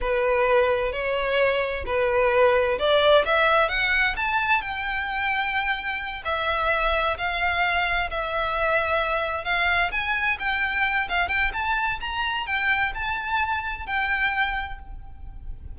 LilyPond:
\new Staff \with { instrumentName = "violin" } { \time 4/4 \tempo 4 = 130 b'2 cis''2 | b'2 d''4 e''4 | fis''4 a''4 g''2~ | g''4. e''2 f''8~ |
f''4. e''2~ e''8~ | e''8 f''4 gis''4 g''4. | f''8 g''8 a''4 ais''4 g''4 | a''2 g''2 | }